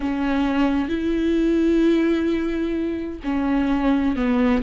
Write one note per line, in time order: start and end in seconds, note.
0.00 0.88 C#4
0.88 3.19 E4
3.24 4.16 C#4
4.16 4.62 B3